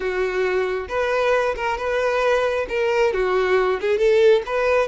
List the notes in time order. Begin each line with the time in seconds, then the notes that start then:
0.00 F#4
0.88 B4
1.56 A#4
1.77 B4
2.68 A#4
3.13 F#4
3.80 G#4
3.98 A4
4.46 B4